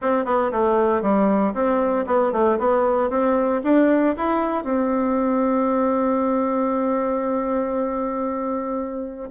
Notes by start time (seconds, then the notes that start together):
0.01 C4
0.25 B3
0.51 A3
1.02 G3
1.54 C4
2.06 B3
2.32 A3
2.59 B3
3.10 C4
3.63 D4
4.16 E4
4.64 C4